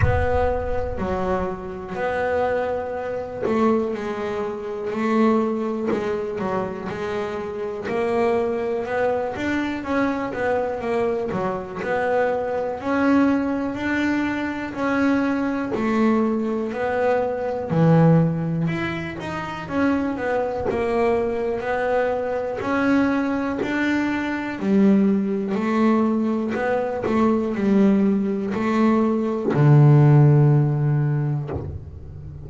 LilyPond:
\new Staff \with { instrumentName = "double bass" } { \time 4/4 \tempo 4 = 61 b4 fis4 b4. a8 | gis4 a4 gis8 fis8 gis4 | ais4 b8 d'8 cis'8 b8 ais8 fis8 | b4 cis'4 d'4 cis'4 |
a4 b4 e4 e'8 dis'8 | cis'8 b8 ais4 b4 cis'4 | d'4 g4 a4 b8 a8 | g4 a4 d2 | }